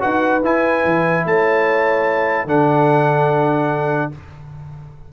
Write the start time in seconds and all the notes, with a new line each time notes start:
0.00 D#4 F#4 B4 F#5
0.43 E4 G#5
0.85 E3
1.25 A3 C#5 A5
2.45 D3 D4 A4 F#5